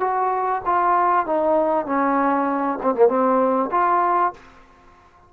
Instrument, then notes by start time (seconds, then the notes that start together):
trombone
0.00 F#4
0.66 F4
1.26 D#4
1.86 C#4
2.82 C4
2.94 A#3
3.08 C4
3.71 F4